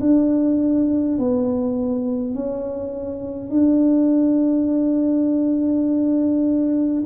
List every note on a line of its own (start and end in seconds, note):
0.00 1.18 D4
1.18 2.34 B3
2.34 3.50 C#4
3.50 7.03 D4